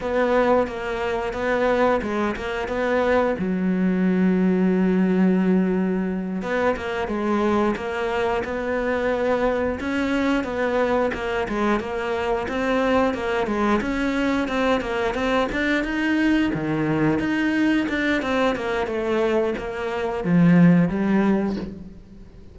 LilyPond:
\new Staff \with { instrumentName = "cello" } { \time 4/4 \tempo 4 = 89 b4 ais4 b4 gis8 ais8 | b4 fis2.~ | fis4. b8 ais8 gis4 ais8~ | ais8 b2 cis'4 b8~ |
b8 ais8 gis8 ais4 c'4 ais8 | gis8 cis'4 c'8 ais8 c'8 d'8 dis'8~ | dis'8 dis4 dis'4 d'8 c'8 ais8 | a4 ais4 f4 g4 | }